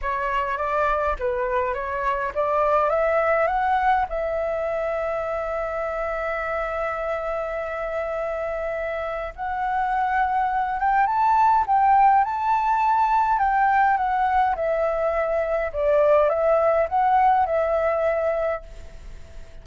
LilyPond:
\new Staff \with { instrumentName = "flute" } { \time 4/4 \tempo 4 = 103 cis''4 d''4 b'4 cis''4 | d''4 e''4 fis''4 e''4~ | e''1~ | e''1 |
fis''2~ fis''8 g''8 a''4 | g''4 a''2 g''4 | fis''4 e''2 d''4 | e''4 fis''4 e''2 | }